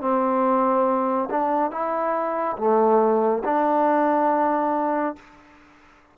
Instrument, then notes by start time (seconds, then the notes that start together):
trombone
0.00 C4
1.30 D4
1.71 E4
2.57 A3
3.44 D4